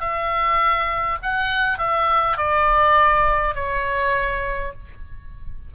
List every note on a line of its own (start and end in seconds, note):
0.00 1.18 E5
1.22 1.78 F#5
1.78 2.37 E5
2.37 3.55 D5
3.55 4.72 C#5